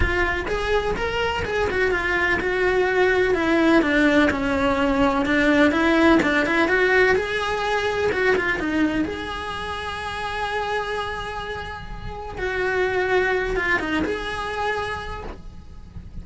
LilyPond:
\new Staff \with { instrumentName = "cello" } { \time 4/4 \tempo 4 = 126 f'4 gis'4 ais'4 gis'8 fis'8 | f'4 fis'2 e'4 | d'4 cis'2 d'4 | e'4 d'8 e'8 fis'4 gis'4~ |
gis'4 fis'8 f'8 dis'4 gis'4~ | gis'1~ | gis'2 fis'2~ | fis'8 f'8 dis'8 gis'2~ gis'8 | }